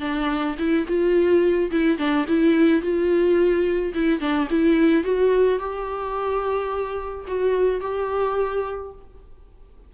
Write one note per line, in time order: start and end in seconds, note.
0.00 0.56 D4
0.58 0.86 E4
0.87 1.71 F4
1.71 1.98 E4
1.98 2.26 D4
2.28 2.82 E4
2.82 3.93 F4
3.94 4.20 E4
4.20 4.48 D4
4.50 5.04 E4
5.04 5.59 F#4
5.59 7.26 G4
7.27 7.81 F#4
7.81 8.92 G4